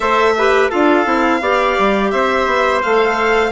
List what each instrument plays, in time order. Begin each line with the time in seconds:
0.00 bassoon A3, clarinet A4, trumpet C5, violin E5
0.37 clarinet G4, trumpet B4
0.70 bassoon D4, clarinet F4, trumpet A4, violin F5
1.05 bassoon C4, clarinet E4
1.41 bassoon B3, clarinet G4, trumpet D5
1.78 bassoon G3
2.11 bassoon C4, trumpet C5, violin E5
2.46 bassoon B3
2.81 bassoon A3, clarinet A4, violin F5